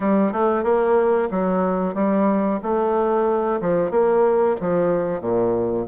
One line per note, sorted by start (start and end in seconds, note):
0.00 0.32 G3
0.32 0.63 A3
0.63 1.28 A#3
1.30 1.94 F#3
1.94 2.59 G3
2.62 3.60 A3
3.60 3.90 F3
3.90 4.56 A#3
4.60 5.20 F3
5.20 5.85 A#2